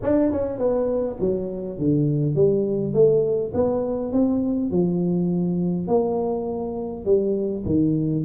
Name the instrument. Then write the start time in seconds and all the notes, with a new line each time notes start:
tuba
0.02 D4
0.31 C#4
0.58 B3
1.20 F#3
1.78 D3
2.35 G3
2.93 A3
3.53 B3
4.12 C4
4.71 F3
5.87 A#3
7.05 G3
7.65 D#3